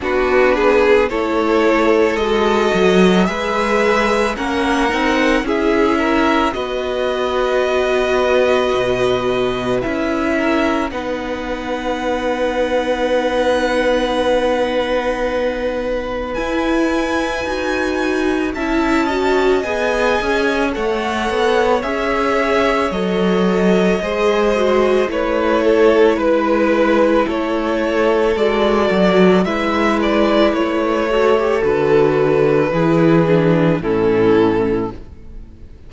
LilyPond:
<<
  \new Staff \with { instrumentName = "violin" } { \time 4/4 \tempo 4 = 55 b'4 cis''4 dis''4 e''4 | fis''4 e''4 dis''2~ | dis''4 e''4 fis''2~ | fis''2. gis''4~ |
gis''4 a''4 gis''4 fis''4 | e''4 dis''2 cis''4 | b'4 cis''4 d''4 e''8 d''8 | cis''4 b'2 a'4 | }
  \new Staff \with { instrumentName = "violin" } { \time 4/4 fis'8 gis'8 a'2 b'4 | ais'4 gis'8 ais'8 b'2~ | b'4. ais'8 b'2~ | b'1~ |
b'4 e''8 dis''4. cis''4~ | cis''2 c''4 b'8 a'8 | b'4 a'2 b'4~ | b'8 a'4. gis'4 e'4 | }
  \new Staff \with { instrumentName = "viola" } { \time 4/4 d'4 e'4 fis'4 gis'4 | cis'8 dis'8 e'4 fis'2~ | fis'4 e'4 dis'2~ | dis'2. e'4 |
fis'4 e'8 fis'8 gis'4 a'4 | gis'4 a'4 gis'8 fis'8 e'4~ | e'2 fis'4 e'4~ | e'8 fis'16 g'16 fis'4 e'8 d'8 cis'4 | }
  \new Staff \with { instrumentName = "cello" } { \time 4/4 b4 a4 gis8 fis8 gis4 | ais8 c'8 cis'4 b2 | b,4 cis'4 b2~ | b2. e'4 |
dis'4 cis'4 b8 cis'8 a8 b8 | cis'4 fis4 gis4 a4 | gis4 a4 gis8 fis8 gis4 | a4 d4 e4 a,4 | }
>>